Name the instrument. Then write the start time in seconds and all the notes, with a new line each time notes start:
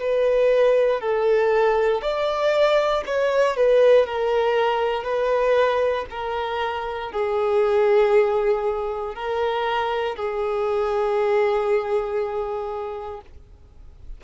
violin
0.00 B4
1.01 A4
2.02 D5
3.06 C#5
3.57 B4
4.07 A#4
5.04 B4
6.11 A#4
7.12 G#4
9.15 A#4
10.16 G#4